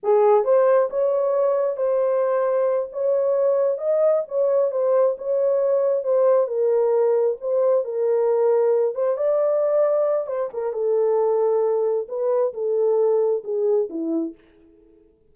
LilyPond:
\new Staff \with { instrumentName = "horn" } { \time 4/4 \tempo 4 = 134 gis'4 c''4 cis''2 | c''2~ c''8 cis''4.~ | cis''8 dis''4 cis''4 c''4 cis''8~ | cis''4. c''4 ais'4.~ |
ais'8 c''4 ais'2~ ais'8 | c''8 d''2~ d''8 c''8 ais'8 | a'2. b'4 | a'2 gis'4 e'4 | }